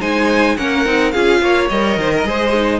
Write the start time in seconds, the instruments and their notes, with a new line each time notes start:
0.00 cello G#3, viola D#4, violin C5 G#5
0.57 cello A#3, viola C#4, violin A#4 F#5
0.85 cello C4, viola D#4
1.11 cello C#4, viola F4, violin G#4 F5
1.42 cello A#3, violin C#5
1.69 cello G3, viola A#4, violin D#5
1.97 cello D#3, violin C5
2.14 violin A#4
2.24 cello G#3, viola G#4, violin C5
2.54 viola D#4